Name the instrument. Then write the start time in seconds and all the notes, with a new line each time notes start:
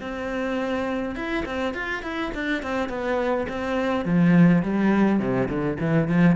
cello
0.00 C4
1.15 E4
1.45 C4
1.74 F4
2.02 E4
2.34 D4
2.62 C4
2.88 B3
3.48 C4
4.05 F3
4.62 G3
5.19 C3
5.48 D3
5.80 E3
6.07 F3